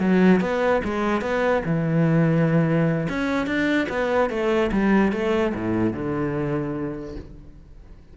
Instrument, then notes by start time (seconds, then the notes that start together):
cello
0.00 F#3
0.41 B3
0.84 G#3
1.22 B3
1.65 E3
3.09 C#4
3.47 D4
3.89 B3
4.30 A3
4.72 G3
5.13 A3
5.55 A2
5.93 D3